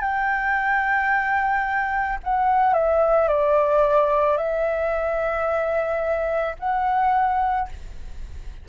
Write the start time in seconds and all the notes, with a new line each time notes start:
0.00 G5
2.24 F#5
2.74 E5
3.28 D5
4.37 E5
6.59 F#5